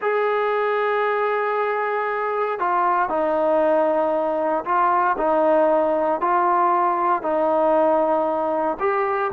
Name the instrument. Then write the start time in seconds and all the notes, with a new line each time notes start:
trombone
0.01 G#4
2.59 F4
3.09 D#4
4.64 F4
5.17 D#4
6.20 F4
7.22 D#4
8.79 G4